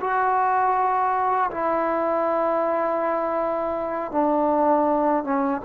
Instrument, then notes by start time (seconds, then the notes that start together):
trombone
0.00 F#4
1.51 E4
4.11 D4
5.24 C#4